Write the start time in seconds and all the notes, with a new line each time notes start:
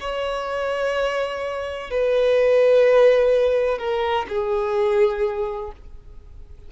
0.00 C#5
1.90 B4
3.79 A#4
4.29 G#4